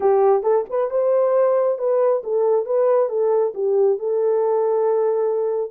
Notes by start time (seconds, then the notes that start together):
0.00 G4
0.43 A4
0.69 B4
0.90 C5
1.78 B4
2.23 A4
2.65 B4
3.09 A4
3.54 G4
3.98 A4